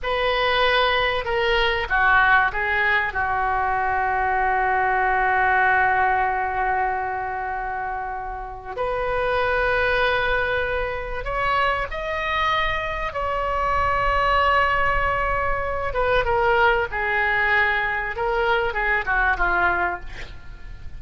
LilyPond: \new Staff \with { instrumentName = "oboe" } { \time 4/4 \tempo 4 = 96 b'2 ais'4 fis'4 | gis'4 fis'2.~ | fis'1~ | fis'2 b'2~ |
b'2 cis''4 dis''4~ | dis''4 cis''2.~ | cis''4. b'8 ais'4 gis'4~ | gis'4 ais'4 gis'8 fis'8 f'4 | }